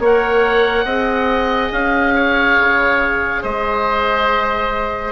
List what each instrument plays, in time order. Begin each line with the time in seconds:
0.00 bassoon A#3, clarinet A#4, oboe C#5 F#5
0.85 bassoon C4, clarinet G#4, oboe D#5
1.72 bassoon C#4, oboe F5
2.15 oboe C#5
2.59 bassoon C#3
3.42 bassoon G#3, oboe C5 D#5